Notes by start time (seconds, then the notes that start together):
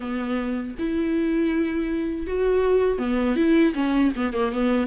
0.00 B3
0.78 E4
2.26 F#4
2.98 B3
3.36 E4
3.74 C#4
4.16 B3
4.33 A#3
4.52 B3